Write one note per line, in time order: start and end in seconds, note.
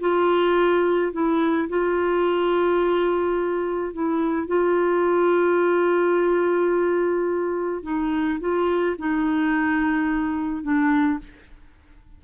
0.00 1.12 F4
1.12 1.68 E4
1.69 3.93 F4
3.93 4.47 E4
4.47 7.83 F4
7.83 8.39 D#4
8.40 8.96 F4
8.98 10.63 D#4
10.63 11.19 D4